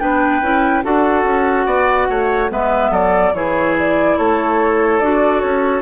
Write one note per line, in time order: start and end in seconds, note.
0.00 0.42 B3
0.00 0.42 D4
0.00 0.85 B4
0.00 0.83 G5
0.42 0.84 C#4
0.42 0.84 E4
0.84 1.24 D4
0.84 2.50 F#4
0.84 1.67 A4
0.84 2.52 F#5
1.24 1.66 C#4
1.66 2.08 B3
1.66 2.08 D5
2.10 2.51 A3
2.10 2.51 C#5
2.50 2.91 G#3
2.50 3.34 B3
2.50 2.91 B4
2.50 2.94 E5
2.91 3.32 F#3
2.91 3.33 A4
2.91 3.35 D5
3.34 4.17 E3
3.34 5.02 E4
3.34 4.18 G#4
3.34 3.77 C#5
3.80 4.19 D5
4.18 5.01 A3
4.18 5.82 A4
4.18 5.00 C#5
5.00 5.43 D4
5.00 5.82 F#4
5.00 5.41 D5
5.41 5.82 C#4
5.41 5.82 C#5